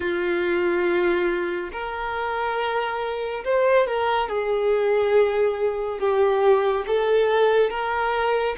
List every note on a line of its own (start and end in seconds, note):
0.00 1.70 F4
1.72 3.44 A#4
3.44 3.86 C5
3.86 4.29 A#4
4.29 5.99 G#4
5.99 6.85 G4
6.86 7.69 A4
7.69 8.55 A#4